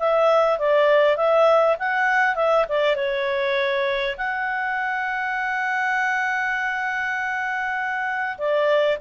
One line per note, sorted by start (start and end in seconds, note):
0.00 0.59 E5
0.59 1.17 D5
1.17 1.77 E5
1.79 2.36 F#5
2.36 2.66 E5
2.69 2.96 D5
2.96 4.16 C#5
4.18 8.38 F#5
8.38 8.98 D5